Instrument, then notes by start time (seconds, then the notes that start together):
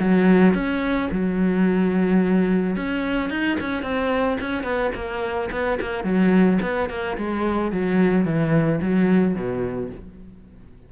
cello
0.00 F#3
0.55 C#4
1.12 F#3
2.76 C#4
3.30 D#4
3.61 C#4
3.83 C4
4.41 C#4
4.64 B3
4.95 A#3
5.52 B3
5.81 A#3
6.04 F#3
6.62 B3
6.90 A#3
7.18 G#3
7.72 F#3
8.25 E3
8.81 F#3
9.36 B2